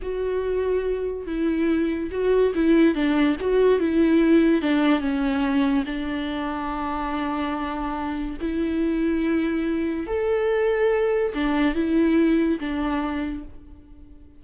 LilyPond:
\new Staff \with { instrumentName = "viola" } { \time 4/4 \tempo 4 = 143 fis'2. e'4~ | e'4 fis'4 e'4 d'4 | fis'4 e'2 d'4 | cis'2 d'2~ |
d'1 | e'1 | a'2. d'4 | e'2 d'2 | }